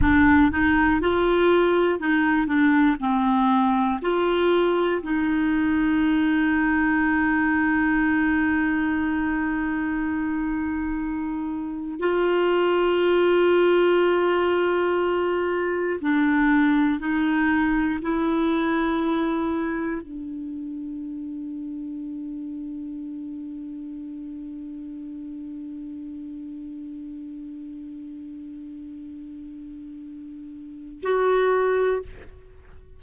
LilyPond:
\new Staff \with { instrumentName = "clarinet" } { \time 4/4 \tempo 4 = 60 d'8 dis'8 f'4 dis'8 d'8 c'4 | f'4 dis'2.~ | dis'1 | f'1 |
d'4 dis'4 e'2 | d'1~ | d'1~ | d'2. fis'4 | }